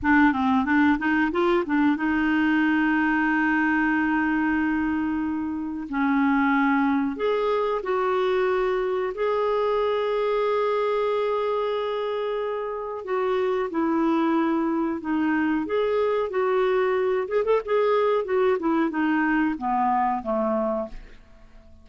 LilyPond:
\new Staff \with { instrumentName = "clarinet" } { \time 4/4 \tempo 4 = 92 d'8 c'8 d'8 dis'8 f'8 d'8 dis'4~ | dis'1~ | dis'4 cis'2 gis'4 | fis'2 gis'2~ |
gis'1 | fis'4 e'2 dis'4 | gis'4 fis'4. gis'16 a'16 gis'4 | fis'8 e'8 dis'4 b4 a4 | }